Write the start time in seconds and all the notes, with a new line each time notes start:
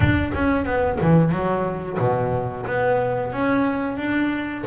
0.00 D4
0.34 C#4
0.65 B3
1.00 E3
1.31 F#3
1.98 B2
2.66 B3
3.32 C#4
3.97 D4